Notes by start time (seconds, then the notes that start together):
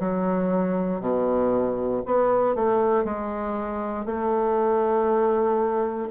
0.00 F#3
1.01 B2
2.06 B3
2.56 A3
3.05 G#3
4.06 A3